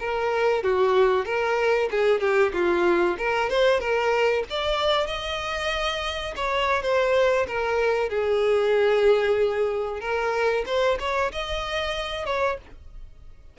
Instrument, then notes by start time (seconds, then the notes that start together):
violin
0.00 A#4
0.63 F#4
1.26 A#4
1.91 G#4
2.21 G4
2.54 F4
3.18 A#4
3.50 C5
3.80 A#4
4.50 D5
5.07 D#5
6.36 C#5
6.83 C5
7.48 A#4
8.09 G#4
10.01 A#4
10.66 C5
11.00 C#5
11.32 D#5
12.26 C#5